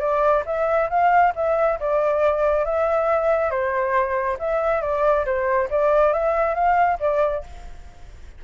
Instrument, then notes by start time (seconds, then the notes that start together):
flute
0.00 D5
0.46 E5
0.90 F5
1.36 E5
1.80 D5
2.65 E5
3.51 C5
4.39 E5
4.82 D5
5.25 C5
5.70 D5
6.13 E5
6.55 F5
7.00 D5